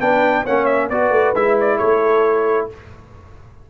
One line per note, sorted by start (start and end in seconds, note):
0.00 0.45 B3
0.00 0.45 D4
0.00 0.44 B4
0.00 0.45 G5
0.44 0.89 A#3
0.44 0.91 C#4
0.44 0.89 C#5
0.44 0.66 F#5
0.66 0.88 E5
0.89 1.10 B3
0.89 1.36 F#4
0.89 1.78 B4
0.89 1.34 D5
1.10 1.33 A3
1.35 1.79 G#3
1.35 2.70 E4
1.35 1.58 E5
1.60 1.78 D5
1.78 2.70 A3
1.78 2.67 A4
1.78 2.67 C#5